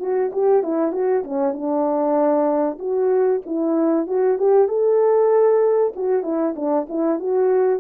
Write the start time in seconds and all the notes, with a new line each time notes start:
0.00 F#4
0.33 G4
0.63 E4
0.93 F#4
1.24 C#4
1.54 D4
2.79 F#4
3.46 E4
4.07 F#4
4.39 G4
4.69 A4
5.96 F#4
6.24 E4
6.56 D4
6.89 E4
7.20 F#4